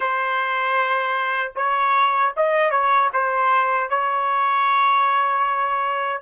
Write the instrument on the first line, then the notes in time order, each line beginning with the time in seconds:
trumpet
0.00 C5
1.55 C#5
2.36 D#5
2.70 C#5
3.13 C5
3.89 C#5